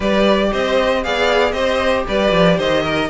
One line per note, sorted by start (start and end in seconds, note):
0.00 0.51 G3
0.00 1.03 G4
0.00 0.49 B4
0.00 0.52 D5
0.51 1.05 C4
0.51 1.03 C5
0.51 1.03 D#5
1.03 1.52 B3
1.03 1.53 G#4
1.03 1.53 D5
1.03 1.51 F5
1.51 2.04 C4
1.51 3.09 G4
1.51 2.05 C5
1.51 2.03 D#5
2.07 2.32 G3
2.07 2.57 B4
2.07 2.59 D5
2.32 2.58 F3
2.57 3.09 D#3
2.57 2.83 C5
2.57 3.10 D#5
2.83 3.09 A#4